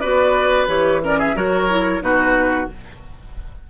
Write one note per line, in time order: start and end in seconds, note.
0.00 0.67 B3
0.00 0.68 F#4
0.00 1.01 B4
0.00 0.67 D5
0.67 1.34 E3
0.67 1.02 G4
0.67 1.02 C#5
1.03 1.35 C#4
1.03 1.19 A#4
1.03 1.20 D5
1.19 1.35 G#4
1.19 1.37 E5
1.35 2.01 F#3
1.35 1.69 F#4
1.35 2.03 A#4
1.35 2.03 C#5
1.70 2.01 E4
2.01 2.68 B2
2.01 2.67 D#4
2.01 2.70 F#4
2.01 2.69 B4